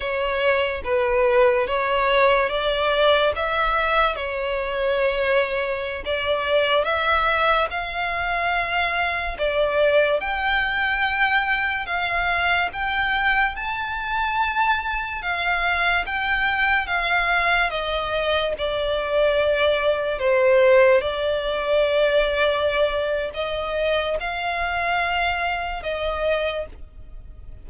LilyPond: \new Staff \with { instrumentName = "violin" } { \time 4/4 \tempo 4 = 72 cis''4 b'4 cis''4 d''4 | e''4 cis''2~ cis''16 d''8.~ | d''16 e''4 f''2 d''8.~ | d''16 g''2 f''4 g''8.~ |
g''16 a''2 f''4 g''8.~ | g''16 f''4 dis''4 d''4.~ d''16~ | d''16 c''4 d''2~ d''8. | dis''4 f''2 dis''4 | }